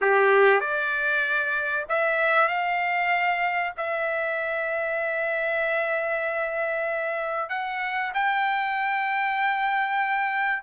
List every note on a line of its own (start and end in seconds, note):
0.01 0.60 G4
0.60 1.85 D5
1.88 2.47 E5
2.47 3.72 F5
3.77 7.49 E5
7.49 8.11 F#5
8.14 10.62 G5